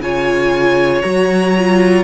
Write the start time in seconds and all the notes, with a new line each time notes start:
0.00 C#3 F4 C#5 G#5
1.01 F#3 F#4 A#5
1.57 F4